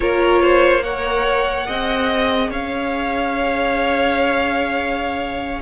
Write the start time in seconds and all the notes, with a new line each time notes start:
0.00 A#3 F4 A#4 C#5
0.41 C5
0.83 A#4 C#5 F#5
1.66 C4 G#4 D#5
2.50 C#4 C#5 F5